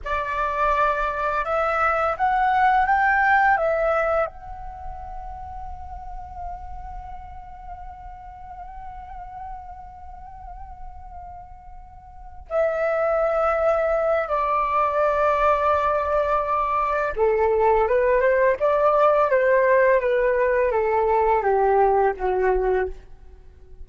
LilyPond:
\new Staff \with { instrumentName = "flute" } { \time 4/4 \tempo 4 = 84 d''2 e''4 fis''4 | g''4 e''4 fis''2~ | fis''1~ | fis''1~ |
fis''4. e''2~ e''8 | d''1 | a'4 b'8 c''8 d''4 c''4 | b'4 a'4 g'4 fis'4 | }